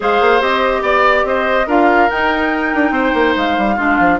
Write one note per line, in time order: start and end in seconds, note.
0.00 0.20 G#3
0.00 0.40 G#4
0.00 0.82 C5
0.00 0.41 F5
0.20 0.41 A#3
0.40 0.82 C4
0.40 1.66 G4
0.40 0.83 D#5
0.82 1.24 B3
0.82 1.24 D5
0.82 1.26 D5
1.24 1.66 C4
1.24 1.66 C5
1.24 1.68 D#5
1.66 2.08 D4
1.66 2.10 F4
1.66 2.92 A#4
1.66 2.09 F5
2.09 3.77 D#4
2.09 2.74 D#4
2.09 3.35 G5
2.74 2.90 D4
2.90 3.11 C4
2.90 3.75 C5
3.14 3.35 A#3
3.36 3.57 G#3
3.36 4.19 F5
3.57 3.78 G3
3.75 3.99 G#3
3.75 4.19 D4
3.75 4.17 F4
3.99 4.19 F3